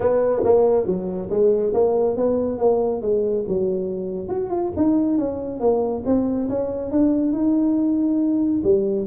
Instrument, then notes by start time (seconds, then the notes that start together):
tuba
0.00 B3
0.44 A#3
0.86 F#3
1.29 G#3
1.73 A#3
2.16 B3
2.58 A#3
3.01 G#3
3.47 F#3
4.28 F#4
4.50 F4
4.76 D#4
5.18 C#4
5.60 A#3
6.05 C4
6.49 C#4
6.91 D4
7.32 D#4
8.63 G3